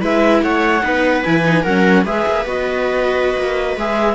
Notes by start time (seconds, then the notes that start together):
0.00 G#3 E4 B4 E5
0.43 A3 C#5 F#5
0.83 B3 D#4 B4
1.24 E3 E4 G#5
1.44 D#4
1.63 F#3 C#4 A#4 F#5
2.06 G#3 G#4 B4 E5
2.27 A#3
2.45 B3 F#4 D#5
3.37 A#3
3.77 G#3 G#4 E5